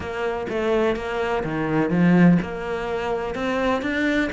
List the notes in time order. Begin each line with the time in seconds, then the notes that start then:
0.00 A#3
0.49 A3
0.95 A#3
1.44 D#3
1.90 F3
2.42 A#3
3.34 C4
3.81 D4